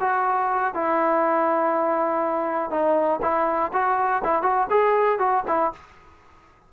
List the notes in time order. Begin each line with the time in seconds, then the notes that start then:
0.00 F#4
0.74 E4
2.70 D#4
3.22 E4
3.73 F#4
4.24 E4
4.42 F#4
4.70 G#4
5.19 F#4
5.47 E4